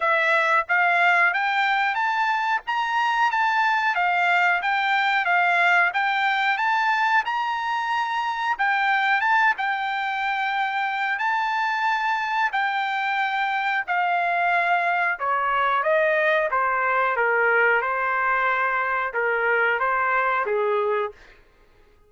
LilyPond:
\new Staff \with { instrumentName = "trumpet" } { \time 4/4 \tempo 4 = 91 e''4 f''4 g''4 a''4 | ais''4 a''4 f''4 g''4 | f''4 g''4 a''4 ais''4~ | ais''4 g''4 a''8 g''4.~ |
g''4 a''2 g''4~ | g''4 f''2 cis''4 | dis''4 c''4 ais'4 c''4~ | c''4 ais'4 c''4 gis'4 | }